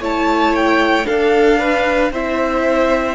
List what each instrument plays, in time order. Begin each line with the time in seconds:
0.00 cello A3, viola E4, violin C#5 A5
0.55 violin G5
1.04 viola D4, cello D4, violin A4 F5
1.59 violin B4
2.11 cello C4, viola E4, violin C5 E5